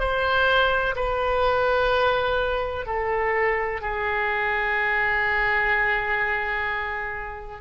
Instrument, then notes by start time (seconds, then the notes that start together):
oboe
0.00 C5
0.96 B4
2.87 A4
3.82 G#4